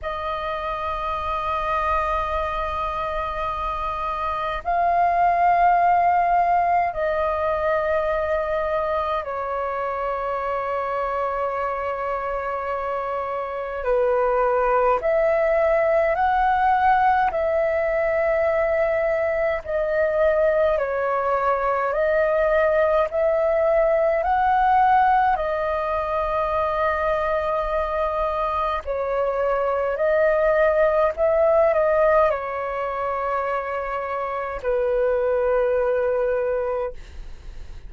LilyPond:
\new Staff \with { instrumentName = "flute" } { \time 4/4 \tempo 4 = 52 dis''1 | f''2 dis''2 | cis''1 | b'4 e''4 fis''4 e''4~ |
e''4 dis''4 cis''4 dis''4 | e''4 fis''4 dis''2~ | dis''4 cis''4 dis''4 e''8 dis''8 | cis''2 b'2 | }